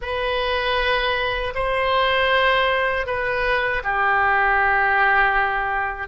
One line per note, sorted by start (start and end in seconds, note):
0.01 1.53 B4
1.54 3.06 C5
3.06 3.82 B4
3.84 6.08 G4